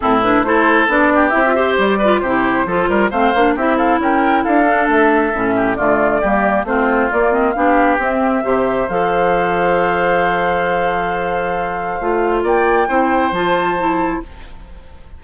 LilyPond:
<<
  \new Staff \with { instrumentName = "flute" } { \time 4/4 \tempo 4 = 135 a'8 b'8 c''4 d''4 e''4 | d''4 c''2 f''4 | e''8 f''8 g''4 f''4 e''4~ | e''4 d''2 c''4 |
d''8 dis''8 f''4 e''2 | f''1~ | f''1 | g''2 a''2 | }
  \new Staff \with { instrumentName = "oboe" } { \time 4/4 e'4 a'4. g'4 c''8~ | c''8 b'8 g'4 a'8 ais'8 c''4 | g'8 a'8 ais'4 a'2~ | a'8 g'8 f'4 g'4 f'4~ |
f'4 g'2 c''4~ | c''1~ | c''1 | d''4 c''2. | }
  \new Staff \with { instrumentName = "clarinet" } { \time 4/4 c'8 d'8 e'4 d'4 e'16 f'16 g'8~ | g'8 f'8 e'4 f'4 c'8 d'8 | e'2~ e'8 d'4. | cis'4 a4 ais4 c'4 |
ais8 c'8 d'4 c'4 g'4 | a'1~ | a'2. f'4~ | f'4 e'4 f'4 e'4 | }
  \new Staff \with { instrumentName = "bassoon" } { \time 4/4 a,4 a4 b4 c'4 | g4 c4 f8 g8 a8 ais8 | c'4 cis'4 d'4 a4 | a,4 d4 g4 a4 |
ais4 b4 c'4 c4 | f1~ | f2. a4 | ais4 c'4 f2 | }
>>